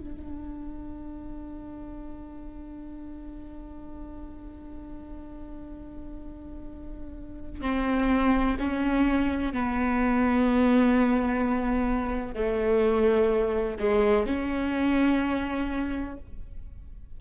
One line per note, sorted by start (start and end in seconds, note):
0.00 7.61 D4
7.61 8.57 C4
8.59 9.53 C#4
9.53 12.35 B3
12.35 13.77 A3
13.79 14.26 G#3
14.26 16.17 C#4